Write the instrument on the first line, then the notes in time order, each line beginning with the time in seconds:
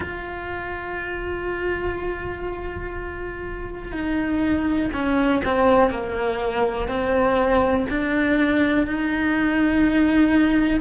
cello
0.00 F4
3.92 D#4
4.93 C#4
5.45 C4
5.90 A#3
6.88 C4
7.89 D4
8.87 D#4